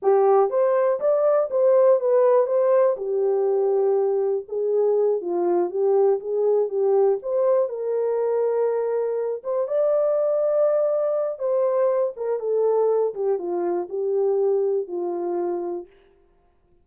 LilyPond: \new Staff \with { instrumentName = "horn" } { \time 4/4 \tempo 4 = 121 g'4 c''4 d''4 c''4 | b'4 c''4 g'2~ | g'4 gis'4. f'4 g'8~ | g'8 gis'4 g'4 c''4 ais'8~ |
ais'2. c''8 d''8~ | d''2. c''4~ | c''8 ais'8 a'4. g'8 f'4 | g'2 f'2 | }